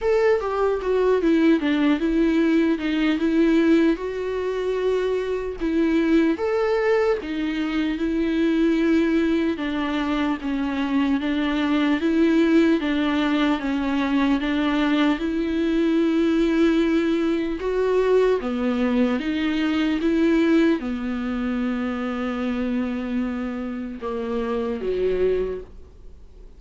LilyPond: \new Staff \with { instrumentName = "viola" } { \time 4/4 \tempo 4 = 75 a'8 g'8 fis'8 e'8 d'8 e'4 dis'8 | e'4 fis'2 e'4 | a'4 dis'4 e'2 | d'4 cis'4 d'4 e'4 |
d'4 cis'4 d'4 e'4~ | e'2 fis'4 b4 | dis'4 e'4 b2~ | b2 ais4 fis4 | }